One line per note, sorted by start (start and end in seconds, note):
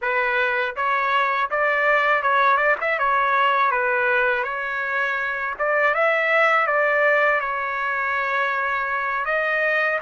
0.01 0.75 B4
0.76 1.50 C#5
1.50 2.22 D5
2.22 2.57 C#5
2.57 2.75 D5
2.80 2.98 E5
2.98 3.71 C#5
3.71 4.43 B4
4.43 5.55 C#5
5.58 5.94 D5
5.94 6.66 E5
6.66 7.40 D5
7.40 9.25 C#5
9.25 9.99 D#5